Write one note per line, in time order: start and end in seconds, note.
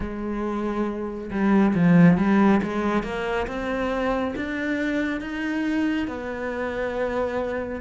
0.00 1.30 G#3
1.30 1.74 G3
1.74 2.17 F3
2.17 2.61 G3
2.62 3.03 G#3
3.03 3.46 A#3
3.47 4.34 C4
4.36 5.21 D4
5.21 6.07 D#4
6.07 7.81 B3